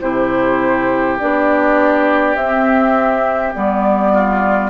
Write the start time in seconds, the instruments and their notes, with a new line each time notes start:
0.00 bassoon C3, clarinet E4, oboe G4, flute C5
1.18 bassoon B3, clarinet D4, flute D5
2.35 bassoon C4, clarinet C4, flute E5
3.54 bassoon G3, clarinet B3, flute D5
4.12 oboe F4